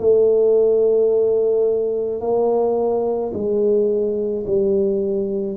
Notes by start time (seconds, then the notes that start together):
0.00 A3
2.21 A#3
3.34 G#3
4.46 G3